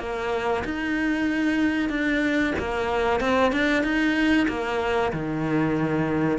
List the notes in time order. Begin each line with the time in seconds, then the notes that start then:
0.00 A#3
0.65 D#4
1.90 D4
2.59 A#3
3.21 C4
3.53 D4
3.84 D#4
4.49 A#3
5.13 D#3